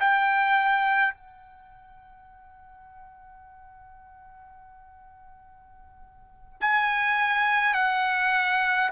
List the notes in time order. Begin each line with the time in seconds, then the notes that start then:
0.00 G5
1.14 F#5
6.61 G#5
7.74 F#5